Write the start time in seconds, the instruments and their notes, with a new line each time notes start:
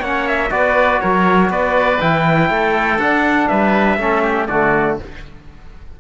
0.00 cello A#3, trombone C#4, oboe C#5, trumpet F#5
0.28 trumpet E5
0.51 cello B3, trombone F#4, oboe B4, trumpet D5
1.01 cello F#3, oboe A#4, trumpet C#5
1.50 cello B3, oboe B4, trumpet D5
2.00 cello E3, trombone E4, trumpet G5
2.50 cello A3, oboe A4
2.99 cello D4, trombone D4, trumpet F#5
3.48 cello G3, oboe B4, trumpet E5
3.98 cello A3, trombone C#4, oboe A4
4.23 oboe G4
4.47 cello D3, trombone A3, oboe F#4, trumpet D5